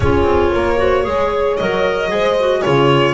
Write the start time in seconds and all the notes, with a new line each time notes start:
0.00 C#4 F4 G#4 C#5
0.23 C4
0.52 A#3 A#4
0.77 F#4 C5
1.03 G#3 G#4 C#5
1.56 F#3 A#4 D#5
2.09 G#3 G#4 C5
2.40 F#4
2.60 C#3 F4 G#4 C#5